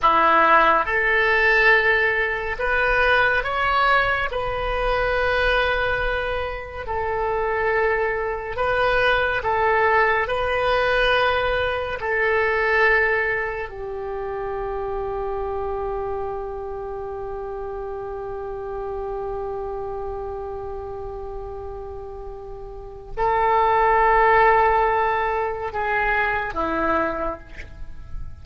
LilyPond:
\new Staff \with { instrumentName = "oboe" } { \time 4/4 \tempo 4 = 70 e'4 a'2 b'4 | cis''4 b'2. | a'2 b'4 a'4 | b'2 a'2 |
g'1~ | g'1~ | g'2. a'4~ | a'2 gis'4 e'4 | }